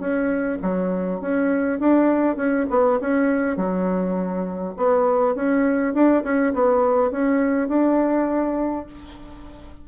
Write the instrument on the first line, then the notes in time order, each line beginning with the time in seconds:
bassoon
0.00 C#4
0.62 F#3
1.21 C#4
1.80 D4
2.37 C#4
2.71 B3
3.01 C#4
3.57 F#3
4.77 B3
5.36 C#4
5.94 D4
6.24 C#4
6.54 B3
7.12 C#4
7.69 D4